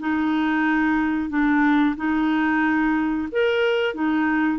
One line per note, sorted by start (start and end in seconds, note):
0.00 1.30 D#4
1.30 1.96 D4
1.97 3.28 D#4
3.32 3.94 A#4
3.94 4.59 D#4